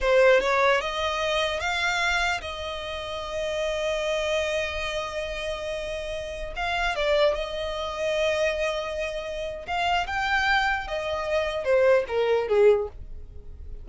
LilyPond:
\new Staff \with { instrumentName = "violin" } { \time 4/4 \tempo 4 = 149 c''4 cis''4 dis''2 | f''2 dis''2~ | dis''1~ | dis''1~ |
dis''16 f''4 d''4 dis''4.~ dis''16~ | dis''1 | f''4 g''2 dis''4~ | dis''4 c''4 ais'4 gis'4 | }